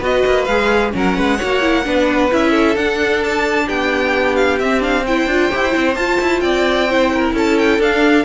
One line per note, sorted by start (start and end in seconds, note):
0.00 0.23 B3
0.00 0.47 F#4
0.00 0.92 B4
0.00 0.45 D#5
0.26 0.48 A#3
0.45 0.93 G#3
0.45 0.91 G#4
0.45 0.91 F5
0.91 1.17 F#3
0.91 1.37 C#4
0.91 1.17 A#4
0.98 2.33 F#5
1.17 1.40 G#3
1.17 1.37 B4
1.37 1.86 A#3
1.37 1.61 F#4
1.37 1.83 C#5
1.61 1.84 E4
1.84 2.32 B3
1.84 2.30 D4
1.84 2.50 B4
2.31 2.76 C#4
2.31 2.77 E4
2.31 2.76 E5
2.50 3.65 A4
2.76 3.67 D4
2.76 4.61 D4
2.76 3.22 F#5
3.24 3.69 A5
3.66 4.60 B3
3.66 5.03 G4
3.66 4.35 G5
4.35 4.58 F5
4.59 5.26 C4
4.59 4.80 C4
4.59 4.82 E5
4.80 5.03 D4
4.80 5.06 F5
5.06 5.30 E4
5.06 6.43 C5
5.06 5.95 G5
5.26 5.49 D4
5.26 5.51 F4
5.51 5.75 E4
5.51 5.71 G4
5.71 5.96 C4
5.71 5.94 E4
5.95 6.19 F4
5.95 6.89 F4
5.95 6.40 A5
6.20 6.41 E4
6.40 7.32 C4
6.40 6.89 D5
6.40 7.32 G5
6.89 7.81 E4
6.89 7.12 C5
7.14 7.34 A#4
7.33 7.78 C#4
7.33 8.25 A4
7.33 7.58 A5
7.58 7.81 G5
7.78 8.24 D4
7.78 8.25 D4
7.78 8.25 F5